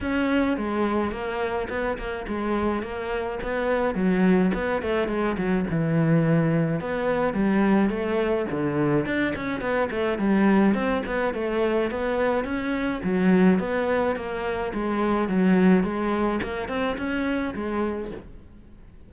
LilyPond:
\new Staff \with { instrumentName = "cello" } { \time 4/4 \tempo 4 = 106 cis'4 gis4 ais4 b8 ais8 | gis4 ais4 b4 fis4 | b8 a8 gis8 fis8 e2 | b4 g4 a4 d4 |
d'8 cis'8 b8 a8 g4 c'8 b8 | a4 b4 cis'4 fis4 | b4 ais4 gis4 fis4 | gis4 ais8 c'8 cis'4 gis4 | }